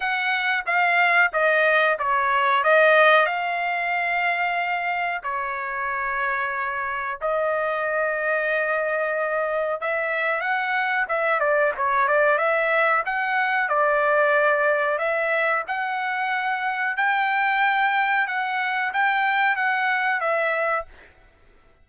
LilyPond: \new Staff \with { instrumentName = "trumpet" } { \time 4/4 \tempo 4 = 92 fis''4 f''4 dis''4 cis''4 | dis''4 f''2. | cis''2. dis''4~ | dis''2. e''4 |
fis''4 e''8 d''8 cis''8 d''8 e''4 | fis''4 d''2 e''4 | fis''2 g''2 | fis''4 g''4 fis''4 e''4 | }